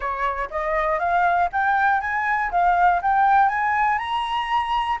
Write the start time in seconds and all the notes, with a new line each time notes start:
0.00 C#5
0.50 D#5
0.99 F5
1.52 G5
2.00 G#5
2.51 F5
3.01 G5
3.48 G#5
3.98 A#5